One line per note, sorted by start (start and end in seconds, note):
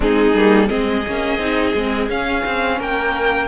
0.00 0.34 G#3
0.00 0.34 C4
0.00 0.68 D#4
0.00 0.68 G#4
0.34 0.69 G3
0.34 0.67 A#3
0.67 1.06 G#3
0.67 1.02 C4
0.67 2.78 G#4
0.67 2.08 D#5
1.07 1.38 A#3
1.07 1.39 C#4
1.38 1.73 C4
1.38 1.74 D#4
1.74 2.08 G#3
1.74 2.09 C4
2.08 2.43 C#4
2.08 3.48 C#4
2.08 2.80 F5
2.45 2.80 C4
2.78 3.48 A#3
2.78 3.48 A#4
2.78 3.48 G5